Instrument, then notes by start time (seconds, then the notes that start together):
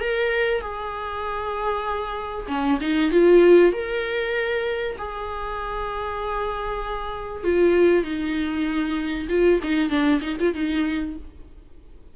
viola
0.00 A#4
0.61 G#4
2.48 C#4
2.81 D#4
3.11 F4
3.73 A#4
4.98 G#4
7.43 F4
8.04 D#4
9.29 F4
9.63 D#4
9.89 D4
10.21 D#4
10.40 F4
10.54 D#4